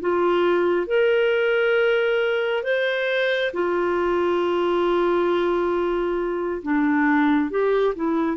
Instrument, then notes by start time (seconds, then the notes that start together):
clarinet
0.00 F4
0.87 A#4
2.63 C5
3.53 F4
6.62 D4
7.50 G4
7.95 E4